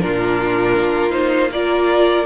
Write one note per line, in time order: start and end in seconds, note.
0.00 0.78 A#2
0.00 1.10 D4
0.00 1.53 F4
0.00 1.12 A#4
0.78 2.25 A#3
1.10 1.48 D#4
1.10 1.50 C5
1.52 2.25 F4
1.52 2.25 A#4
1.52 2.25 D5